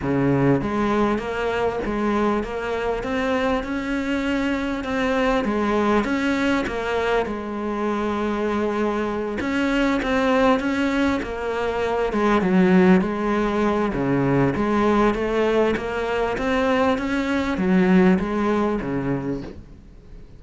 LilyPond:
\new Staff \with { instrumentName = "cello" } { \time 4/4 \tempo 4 = 99 cis4 gis4 ais4 gis4 | ais4 c'4 cis'2 | c'4 gis4 cis'4 ais4 | gis2.~ gis8 cis'8~ |
cis'8 c'4 cis'4 ais4. | gis8 fis4 gis4. cis4 | gis4 a4 ais4 c'4 | cis'4 fis4 gis4 cis4 | }